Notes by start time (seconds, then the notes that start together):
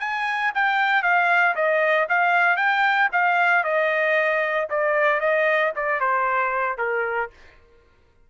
0.00 G#5
0.55 G5
1.03 F5
1.55 D#5
2.09 F5
2.57 G5
3.12 F5
3.64 D#5
4.70 D5
5.20 D#5
5.76 D5
6.00 C5
6.78 A#4